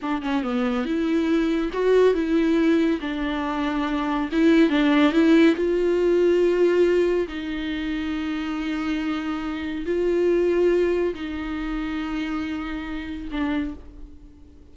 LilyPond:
\new Staff \with { instrumentName = "viola" } { \time 4/4 \tempo 4 = 140 d'8 cis'8 b4 e'2 | fis'4 e'2 d'4~ | d'2 e'4 d'4 | e'4 f'2.~ |
f'4 dis'2.~ | dis'2. f'4~ | f'2 dis'2~ | dis'2. d'4 | }